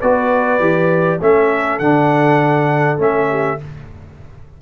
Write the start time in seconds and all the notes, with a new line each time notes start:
0.00 B3 F#4 B4 D5
0.60 E3 G4
1.21 A3 C#4 A4 E5
1.79 D3 D4 F#5
2.98 A3 C#4 E5
3.29 G4